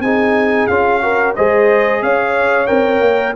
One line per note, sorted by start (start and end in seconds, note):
0.00 0.67 C4
0.00 0.70 D#4
0.00 1.03 G#4
0.00 0.67 G#5
0.67 1.36 C#4
0.67 1.02 F4
0.67 1.34 F5
1.02 1.35 F#4
1.02 1.36 A#4
1.36 2.02 G#3
1.36 2.67 G#4
1.36 2.02 C5
1.36 2.02 D#5
2.02 2.69 C#4
2.02 3.36 C#5
2.02 2.67 F5
2.67 3.01 C4
2.67 3.34 A#4
2.67 3.33 G5
3.01 3.34 A#3